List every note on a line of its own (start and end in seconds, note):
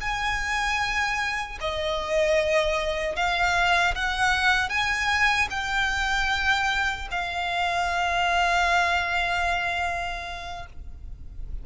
0.00 1.58 G#5
1.60 3.15 D#5
3.15 3.94 F5
3.95 4.69 F#5
4.69 5.48 G#5
5.50 7.08 G5
7.11 10.66 F5